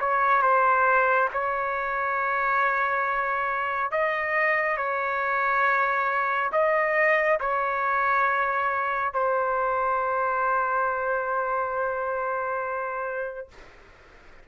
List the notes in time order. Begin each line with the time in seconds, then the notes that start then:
0.00 C#5
0.42 C5
1.33 C#5
3.92 D#5
4.77 C#5
6.53 D#5
7.41 C#5
9.14 C5